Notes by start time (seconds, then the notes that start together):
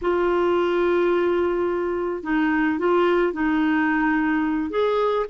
0.01 F4
2.23 D#4
2.79 F4
3.32 D#4
4.70 G#4